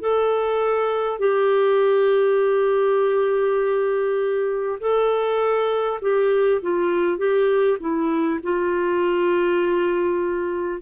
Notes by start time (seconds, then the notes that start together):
0.00 A4
1.18 G4
4.79 A4
6.01 G4
6.61 F4
7.18 G4
7.79 E4
8.43 F4